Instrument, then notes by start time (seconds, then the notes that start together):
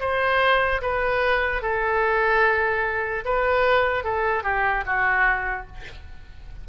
oboe
0.00 C5
0.82 B4
1.62 A4
3.25 B4
4.04 A4
4.43 G4
4.86 F#4